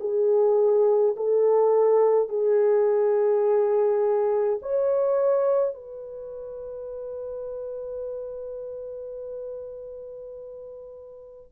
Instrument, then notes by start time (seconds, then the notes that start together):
horn
0.00 G#4
1.16 A4
2.29 G#4
4.62 C#5
5.74 B4